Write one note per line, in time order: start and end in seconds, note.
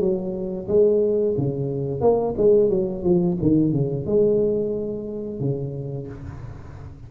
0.00 0.67 F#3
0.68 1.35 G#3
1.38 2.01 C#3
2.01 2.34 A#3
2.37 2.69 G#3
2.69 3.03 F#3
3.03 3.37 F3
3.41 3.72 D#3
3.72 4.06 C#3
4.06 5.40 G#3
5.40 6.07 C#3